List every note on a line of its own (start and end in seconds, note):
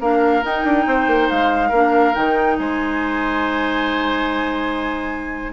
0.00 0.43 A#3
0.00 0.42 D4
0.00 0.85 A#4
0.00 0.44 F5
0.42 1.70 D#4
0.42 0.64 D#4
0.42 1.29 G5
0.64 0.85 D4
0.86 1.07 C4
0.86 1.69 C5
1.07 1.28 A#3
1.29 1.71 G#3
1.29 2.14 F5
1.69 2.13 A#3
1.69 2.14 D4
1.69 2.54 A#4
2.14 2.58 D#3
2.14 5.52 D#4
2.14 2.57 G5
2.58 5.52 G#3
2.58 5.52 C5
2.58 5.52 G#5